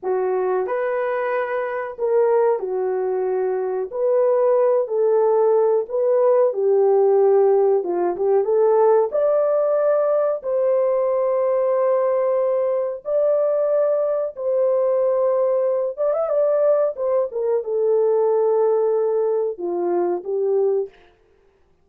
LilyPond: \new Staff \with { instrumentName = "horn" } { \time 4/4 \tempo 4 = 92 fis'4 b'2 ais'4 | fis'2 b'4. a'8~ | a'4 b'4 g'2 | f'8 g'8 a'4 d''2 |
c''1 | d''2 c''2~ | c''8 d''16 e''16 d''4 c''8 ais'8 a'4~ | a'2 f'4 g'4 | }